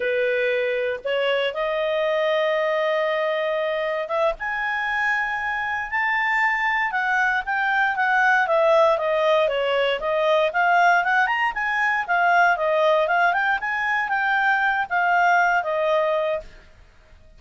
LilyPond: \new Staff \with { instrumentName = "clarinet" } { \time 4/4 \tempo 4 = 117 b'2 cis''4 dis''4~ | dis''1 | e''8 gis''2. a''8~ | a''4. fis''4 g''4 fis''8~ |
fis''8 e''4 dis''4 cis''4 dis''8~ | dis''8 f''4 fis''8 ais''8 gis''4 f''8~ | f''8 dis''4 f''8 g''8 gis''4 g''8~ | g''4 f''4. dis''4. | }